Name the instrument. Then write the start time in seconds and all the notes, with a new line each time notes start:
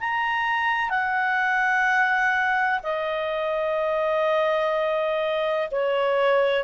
clarinet
0.00 A#5
0.90 F#5
2.83 D#5
5.71 C#5